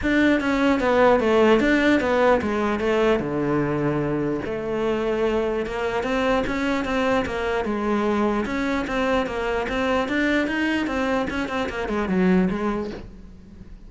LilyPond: \new Staff \with { instrumentName = "cello" } { \time 4/4 \tempo 4 = 149 d'4 cis'4 b4 a4 | d'4 b4 gis4 a4 | d2. a4~ | a2 ais4 c'4 |
cis'4 c'4 ais4 gis4~ | gis4 cis'4 c'4 ais4 | c'4 d'4 dis'4 c'4 | cis'8 c'8 ais8 gis8 fis4 gis4 | }